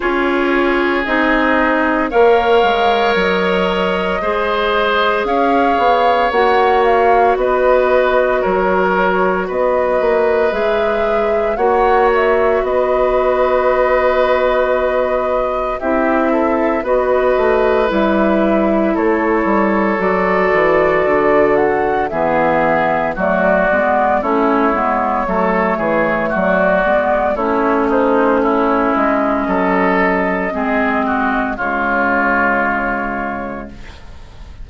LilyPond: <<
  \new Staff \with { instrumentName = "flute" } { \time 4/4 \tempo 4 = 57 cis''4 dis''4 f''4 dis''4~ | dis''4 f''4 fis''8 f''8 dis''4 | cis''4 dis''4 e''4 fis''8 e''8 | dis''2. e''4 |
dis''4 e''4 cis''4 d''4~ | d''8 fis''8 e''4 d''4 cis''4~ | cis''4 d''4 cis''8 c''8 cis''8 dis''8~ | dis''2 cis''2 | }
  \new Staff \with { instrumentName = "oboe" } { \time 4/4 gis'2 cis''2 | c''4 cis''2 b'4 | ais'4 b'2 cis''4 | b'2. g'8 a'8 |
b'2 a'2~ | a'4 gis'4 fis'4 e'4 | a'8 gis'8 fis'4 e'8 dis'8 e'4 | a'4 gis'8 fis'8 f'2 | }
  \new Staff \with { instrumentName = "clarinet" } { \time 4/4 f'4 dis'4 ais'2 | gis'2 fis'2~ | fis'2 gis'4 fis'4~ | fis'2. e'4 |
fis'4 e'2 fis'4~ | fis'4 b4 a8 b8 cis'8 b8 | a4. b8 cis'2~ | cis'4 c'4 gis2 | }
  \new Staff \with { instrumentName = "bassoon" } { \time 4/4 cis'4 c'4 ais8 gis8 fis4 | gis4 cis'8 b8 ais4 b4 | fis4 b8 ais8 gis4 ais4 | b2. c'4 |
b8 a8 g4 a8 g8 fis8 e8 | d4 e4 fis8 gis8 a8 gis8 | fis8 e8 fis8 gis8 a4. gis8 | fis4 gis4 cis2 | }
>>